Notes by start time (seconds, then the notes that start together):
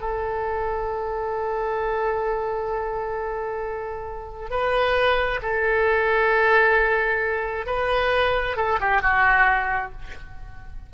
0.00 A4
4.50 B4
5.42 A4
7.66 B4
8.57 A4
8.80 G4
9.02 F#4